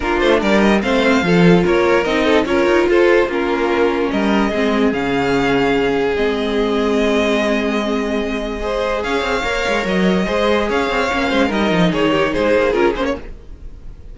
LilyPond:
<<
  \new Staff \with { instrumentName = "violin" } { \time 4/4 \tempo 4 = 146 ais'8 c''8 d''8 dis''8 f''2 | cis''4 dis''4 cis''4 c''4 | ais'2 dis''2 | f''2. dis''4~ |
dis''1~ | dis''2 f''2 | dis''2 f''2 | dis''4 cis''4 c''4 ais'8 c''16 cis''16 | }
  \new Staff \with { instrumentName = "violin" } { \time 4/4 f'4 ais'4 c''4 a'4 | ais'4. a'8 ais'4 a'4 | f'2 ais'4 gis'4~ | gis'1~ |
gis'1~ | gis'4 c''4 cis''2~ | cis''4 c''4 cis''4. c''8 | ais'4 gis'8 g'8 gis'2 | }
  \new Staff \with { instrumentName = "viola" } { \time 4/4 d'2 c'4 f'4~ | f'4 dis'4 f'2 | cis'2. c'4 | cis'2. c'4~ |
c'1~ | c'4 gis'2 ais'4~ | ais'4 gis'2 cis'4 | dis'2. f'8 cis'8 | }
  \new Staff \with { instrumentName = "cello" } { \time 4/4 ais8 a8 g4 a4 f4 | ais4 c'4 cis'8 dis'8 f'4 | ais2 g4 gis4 | cis2. gis4~ |
gis1~ | gis2 cis'8 c'8 ais8 gis8 | fis4 gis4 cis'8 c'8 ais8 gis8 | g8 f8 dis4 gis8 ais8 cis'8 ais8 | }
>>